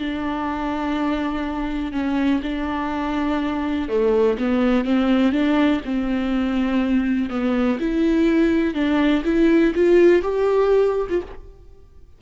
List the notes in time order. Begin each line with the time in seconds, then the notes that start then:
0.00 D4
1.93 C#4
2.43 D4
3.89 A3
4.39 B3
4.85 C4
5.33 D4
5.85 C4
7.30 B3
7.80 E4
8.74 D4
9.25 E4
9.75 F4
10.23 G4
11.10 F4